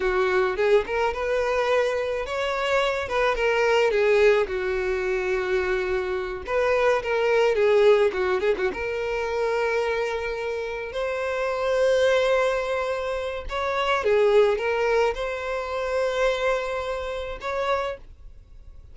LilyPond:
\new Staff \with { instrumentName = "violin" } { \time 4/4 \tempo 4 = 107 fis'4 gis'8 ais'8 b'2 | cis''4. b'8 ais'4 gis'4 | fis'2.~ fis'8 b'8~ | b'8 ais'4 gis'4 fis'8 gis'16 fis'16 ais'8~ |
ais'2.~ ais'8 c''8~ | c''1 | cis''4 gis'4 ais'4 c''4~ | c''2. cis''4 | }